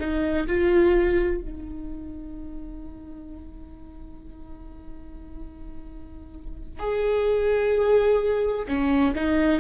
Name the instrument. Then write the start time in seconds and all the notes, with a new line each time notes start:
viola
0.00 D#4
0.47 F4
1.41 D#4
6.79 G#4
8.68 C#4
9.15 D#4